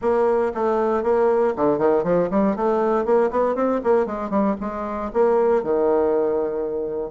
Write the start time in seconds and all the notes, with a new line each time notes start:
0.01 A#3
0.54 A3
1.03 A#3
1.56 D3
1.78 D#3
2.03 F3
2.30 G3
2.55 A3
3.05 A#3
3.30 B3
3.55 C4
3.83 A#3
4.05 G#3
4.29 G3
4.60 G#3
5.13 A#3
5.63 D#3